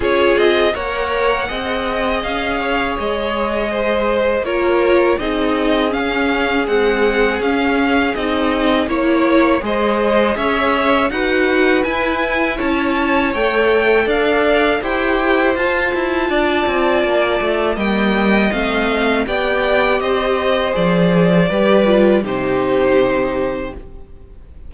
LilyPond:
<<
  \new Staff \with { instrumentName = "violin" } { \time 4/4 \tempo 4 = 81 cis''8 dis''8 fis''2 f''4 | dis''2 cis''4 dis''4 | f''4 fis''4 f''4 dis''4 | cis''4 dis''4 e''4 fis''4 |
gis''4 a''4 g''4 f''4 | g''4 a''2. | g''4 f''4 g''4 dis''4 | d''2 c''2 | }
  \new Staff \with { instrumentName = "violin" } { \time 4/4 gis'4 cis''4 dis''4. cis''8~ | cis''4 c''4 ais'4 gis'4~ | gis'1 | cis''4 c''4 cis''4 b'4~ |
b'4 cis''2 d''4 | c''2 d''2 | dis''2 d''4 c''4~ | c''4 b'4 g'2 | }
  \new Staff \with { instrumentName = "viola" } { \time 4/4 f'4 ais'4 gis'2~ | gis'2 f'4 dis'4 | cis'4 gis4 cis'4 dis'4 | e'4 gis'2 fis'4 |
e'2 a'2 | g'4 f'2. | ais4 c'4 g'2 | gis'4 g'8 f'8 dis'2 | }
  \new Staff \with { instrumentName = "cello" } { \time 4/4 cis'8 c'8 ais4 c'4 cis'4 | gis2 ais4 c'4 | cis'4 c'4 cis'4 c'4 | ais4 gis4 cis'4 dis'4 |
e'4 cis'4 a4 d'4 | e'4 f'8 e'8 d'8 c'8 ais8 a8 | g4 a4 b4 c'4 | f4 g4 c2 | }
>>